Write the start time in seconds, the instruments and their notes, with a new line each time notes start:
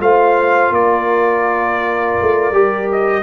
0.00 tuba A3, trombone F4, horn C5, trumpet F5
0.70 tuba A#3, horn A#4, trumpet D5
2.21 tuba A3
2.51 tuba G3, trombone G4
2.92 trumpet D#5